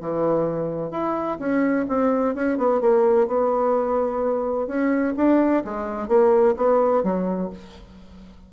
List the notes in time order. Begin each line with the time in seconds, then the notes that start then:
0.00 E3
0.91 E4
1.39 C#4
1.88 C4
2.35 C#4
2.57 B3
2.81 A#3
3.27 B3
4.67 C#4
5.16 D4
5.64 G#3
6.08 A#3
6.56 B3
7.03 F#3